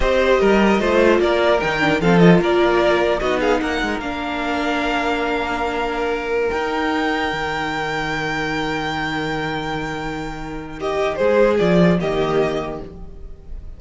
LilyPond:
<<
  \new Staff \with { instrumentName = "violin" } { \time 4/4 \tempo 4 = 150 dis''2. d''4 | g''4 f''8 dis''8 d''2 | dis''8 f''8 fis''4 f''2~ | f''1~ |
f''16 g''2.~ g''8.~ | g''1~ | g''2. dis''4 | c''4 d''4 dis''2 | }
  \new Staff \with { instrumentName = "violin" } { \time 4/4 c''4 ais'4 c''4 ais'4~ | ais'4 a'4 ais'2 | fis'8 gis'8 ais'2.~ | ais'1~ |
ais'1~ | ais'1~ | ais'2. g'4 | gis'2 g'2 | }
  \new Staff \with { instrumentName = "viola" } { \time 4/4 g'2 f'2 | dis'8 d'8 c'8 f'2~ f'8 | dis'2 d'2~ | d'1~ |
d'16 dis'2.~ dis'8.~ | dis'1~ | dis'1~ | dis'4 f'4 ais2 | }
  \new Staff \with { instrumentName = "cello" } { \time 4/4 c'4 g4 a4 ais4 | dis4 f4 ais2 | b4 ais8 gis8 ais2~ | ais1~ |
ais16 dis'2 dis4.~ dis16~ | dis1~ | dis1 | gis4 f4 dis2 | }
>>